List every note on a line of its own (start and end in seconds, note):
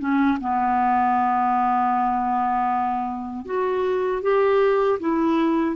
0.00 0.38 C#4
0.41 3.46 B3
3.46 4.22 F#4
4.22 4.99 G4
5.00 5.76 E4